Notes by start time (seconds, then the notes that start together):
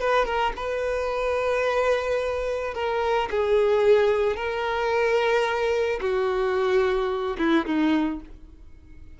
0.00 B4
0.25 A#4
0.56 B4
2.74 A#4
3.30 G#4
4.36 A#4
6.00 F#4
7.38 E4
7.66 D#4